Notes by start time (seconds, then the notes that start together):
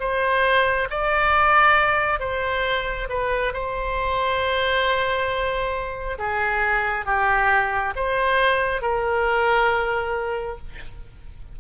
0.00 C5
0.90 D5
2.20 C5
3.10 B4
3.53 C5
6.19 G#4
7.06 G4
7.96 C5
8.82 A#4